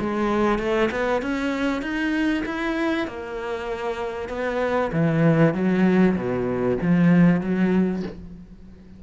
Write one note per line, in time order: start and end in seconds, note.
0.00 0.59 G#3
0.59 0.90 A3
0.91 1.22 B3
1.22 1.82 C#4
1.82 2.44 D#4
2.46 3.07 E4
3.07 4.29 A#3
4.29 4.91 B3
4.93 5.54 E3
5.54 6.16 F#3
6.16 6.78 B2
6.82 7.41 F3
7.41 8.03 F#3